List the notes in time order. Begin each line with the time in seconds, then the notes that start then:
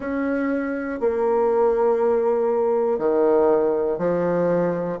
0.00 C#4
1.00 A#3
2.99 D#3
3.98 F3